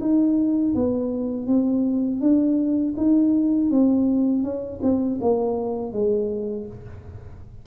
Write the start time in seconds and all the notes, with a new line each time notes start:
0.00 D#4
0.75 B3
1.47 C4
2.20 D4
2.97 D#4
3.70 C4
4.43 C#4
4.82 C4
5.21 A#3
5.92 G#3